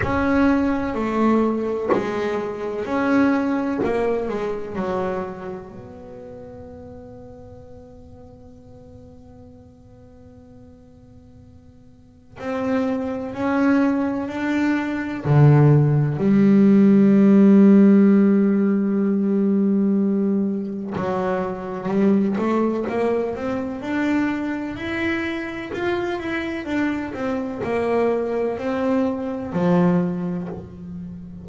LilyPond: \new Staff \with { instrumentName = "double bass" } { \time 4/4 \tempo 4 = 63 cis'4 a4 gis4 cis'4 | ais8 gis8 fis4 b2~ | b1~ | b4 c'4 cis'4 d'4 |
d4 g2.~ | g2 fis4 g8 a8 | ais8 c'8 d'4 e'4 f'8 e'8 | d'8 c'8 ais4 c'4 f4 | }